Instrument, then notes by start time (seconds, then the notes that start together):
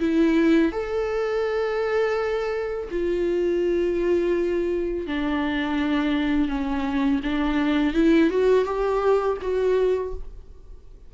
viola
0.00 E4
0.72 A4
2.91 F4
5.07 D4
6.49 C#4
7.24 D4
7.94 E4
8.30 F#4
8.65 G4
9.42 F#4